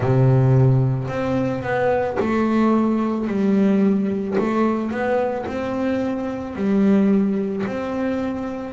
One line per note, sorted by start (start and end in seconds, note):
0.00 1.08 C3
1.08 1.62 C4
1.62 2.17 B3
2.19 3.27 A3
3.27 4.36 G3
4.37 4.91 A3
4.91 5.45 B3
5.46 6.55 C4
6.55 7.64 G3
7.66 8.73 C4